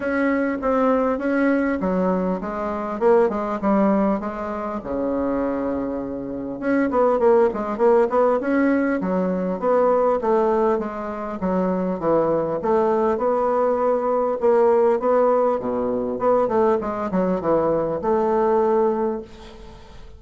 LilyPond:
\new Staff \with { instrumentName = "bassoon" } { \time 4/4 \tempo 4 = 100 cis'4 c'4 cis'4 fis4 | gis4 ais8 gis8 g4 gis4 | cis2. cis'8 b8 | ais8 gis8 ais8 b8 cis'4 fis4 |
b4 a4 gis4 fis4 | e4 a4 b2 | ais4 b4 b,4 b8 a8 | gis8 fis8 e4 a2 | }